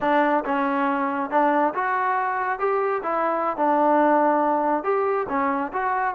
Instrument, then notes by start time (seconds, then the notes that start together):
trombone
0.01 D4
0.44 C#4
1.30 D4
1.74 F#4
2.59 G4
3.02 E4
3.56 D4
4.83 G4
5.28 C#4
5.73 F#4